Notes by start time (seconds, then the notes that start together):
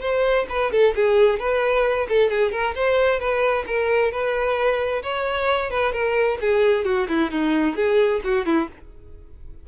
0.00 C5
0.49 B4
0.71 A4
0.95 G#4
1.39 B4
2.08 A4
2.30 G#4
2.51 A#4
2.75 C5
3.19 B4
3.66 A#4
4.11 B4
5.02 C#5
5.70 B4
5.92 A#4
6.40 G#4
6.85 F#4
7.08 E4
7.30 D#4
7.76 G#4
8.23 F#4
8.45 E4